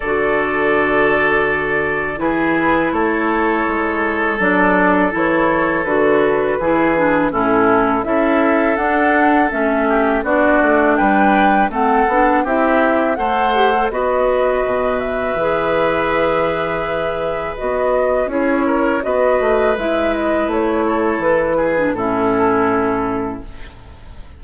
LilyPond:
<<
  \new Staff \with { instrumentName = "flute" } { \time 4/4 \tempo 4 = 82 d''2. b'4 | cis''2 d''4 cis''4 | b'2 a'4 e''4 | fis''4 e''4 d''4 g''4 |
fis''4 e''4 fis''4 dis''4~ | dis''8 e''2.~ e''8 | dis''4 cis''4 dis''4 e''8 dis''8 | cis''4 b'4 a'2 | }
  \new Staff \with { instrumentName = "oboe" } { \time 4/4 a'2. gis'4 | a'1~ | a'4 gis'4 e'4 a'4~ | a'4. g'8 fis'4 b'4 |
a'4 g'4 c''4 b'4~ | b'1~ | b'4 gis'8 ais'8 b'2~ | b'8 a'4 gis'8 e'2 | }
  \new Staff \with { instrumentName = "clarinet" } { \time 4/4 fis'2. e'4~ | e'2 d'4 e'4 | fis'4 e'8 d'8 cis'4 e'4 | d'4 cis'4 d'2 |
c'8 d'8 e'4 a'8 g'16 a'16 fis'4~ | fis'4 gis'2. | fis'4 e'4 fis'4 e'4~ | e'4.~ e'16 d'16 cis'2 | }
  \new Staff \with { instrumentName = "bassoon" } { \time 4/4 d2. e4 | a4 gis4 fis4 e4 | d4 e4 a,4 cis'4 | d'4 a4 b8 a8 g4 |
a8 b8 c'4 a4 b4 | b,4 e2. | b4 cis'4 b8 a8 gis4 | a4 e4 a,2 | }
>>